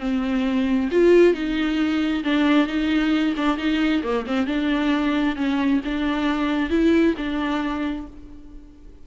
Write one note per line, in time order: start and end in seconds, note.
0.00 0.90 C4
0.92 1.34 F4
1.34 2.24 D#4
2.24 2.67 D4
2.67 3.35 D#4
3.37 3.58 D4
3.58 4.03 D#4
4.03 4.26 A#3
4.27 4.47 C4
4.47 5.36 D4
5.36 5.81 C#4
5.85 6.70 D4
6.70 7.15 E4
7.17 8.07 D4